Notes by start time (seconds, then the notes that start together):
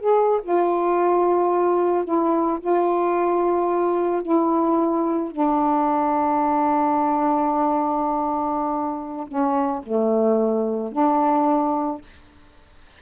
0.00 G#4
0.43 F4
2.05 E4
2.60 F4
4.22 E4
5.32 D4
9.28 C#4
9.83 A3
10.92 D4